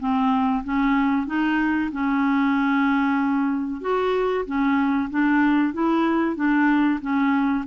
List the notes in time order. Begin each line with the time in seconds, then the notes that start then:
0.00 C4
0.65 C#4
1.27 D#4
1.92 C#4
3.82 F#4
4.46 C#4
5.11 D4
5.74 E4
6.36 D4
7.01 C#4